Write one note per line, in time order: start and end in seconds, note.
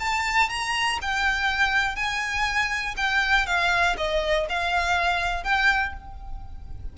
0.00 0.50 A5
0.50 0.99 A#5
1.02 1.96 G5
1.96 2.95 G#5
2.97 3.47 G5
3.47 3.96 F5
3.97 4.47 D#5
4.50 5.44 F5
5.44 5.93 G5